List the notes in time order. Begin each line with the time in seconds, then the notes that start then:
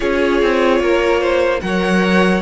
0.00 C#4 F4 G#4 C#5
0.42 C4
0.80 A#3 A#4
1.20 C5
1.61 F#3 A#4 C#5 F#5